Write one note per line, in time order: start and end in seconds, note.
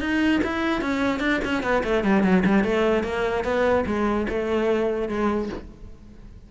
0.00 0.41 D#4
0.43 0.81 E4
0.81 1.20 C#4
1.20 1.40 D4
1.44 1.63 C#4
1.63 1.83 B3
1.84 2.03 A3
2.03 2.23 G3
2.23 2.43 F#3
2.45 2.64 G3
2.64 3.03 A3
3.03 3.44 A#3
3.44 3.84 B3
3.86 4.27 G#3
4.29 5.08 A3
5.08 5.49 G#3